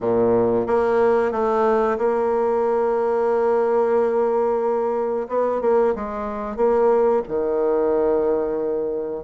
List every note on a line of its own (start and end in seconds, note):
0.00 0.66 A#2
0.67 1.31 A#3
1.31 1.97 A3
1.98 5.27 A#3
5.28 5.61 B3
5.61 5.94 A#3
5.95 6.56 G#3
6.56 7.22 A#3
7.28 9.24 D#3